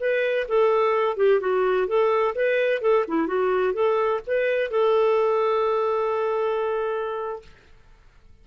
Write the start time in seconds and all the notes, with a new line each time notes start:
0.00 B4
0.49 A4
1.17 G4
1.40 F#4
1.87 A4
2.35 B4
2.82 A4
3.08 E4
3.27 F#4
3.74 A4
4.27 B4
4.71 A4